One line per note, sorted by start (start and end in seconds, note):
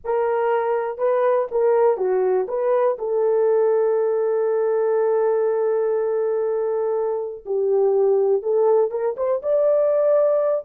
0.04 0.98 A#4
0.98 1.47 B4
1.51 1.97 A#4
1.97 2.46 F#4
2.48 2.97 B4
2.98 7.44 A4
7.45 8.42 G4
8.42 8.91 A4
8.91 9.15 A#4
9.16 9.41 C5
9.42 10.65 D5